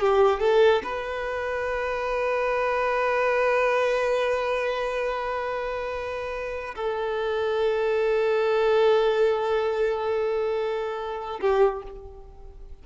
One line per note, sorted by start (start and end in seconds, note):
0.00 0.40 G4
0.40 0.82 A4
0.84 6.75 B4
6.76 11.40 A4
11.41 11.83 G4